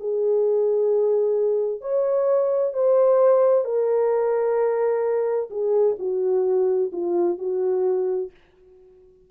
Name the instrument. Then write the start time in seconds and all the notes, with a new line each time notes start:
horn
0.00 G#4
1.81 C#5
2.73 C5
3.65 A#4
5.50 G#4
5.99 F#4
6.92 F4
7.38 F#4